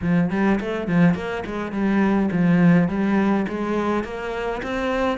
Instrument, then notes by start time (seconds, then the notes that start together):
cello
0.01 F3
0.30 G3
0.60 A3
0.87 F3
1.14 A#3
1.46 G#3
1.72 G3
2.31 F3
2.88 G3
3.48 G#3
4.04 A#3
4.62 C4